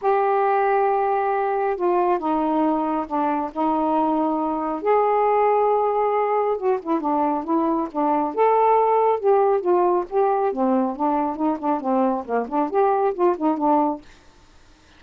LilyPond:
\new Staff \with { instrumentName = "saxophone" } { \time 4/4 \tempo 4 = 137 g'1 | f'4 dis'2 d'4 | dis'2. gis'4~ | gis'2. fis'8 e'8 |
d'4 e'4 d'4 a'4~ | a'4 g'4 f'4 g'4 | c'4 d'4 dis'8 d'8 c'4 | ais8 d'8 g'4 f'8 dis'8 d'4 | }